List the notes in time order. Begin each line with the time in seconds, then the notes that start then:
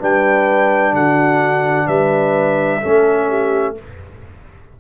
0.00 G3 D4 B4 G5
0.93 D3 F#4 F#5
1.87 G3 B4 E5
2.81 A3 C#4 A4
3.29 G4